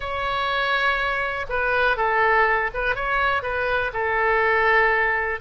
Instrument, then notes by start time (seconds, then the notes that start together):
oboe
0.00 C#5
1.49 B4
1.96 A4
2.74 B4
2.95 C#5
3.42 B4
3.93 A4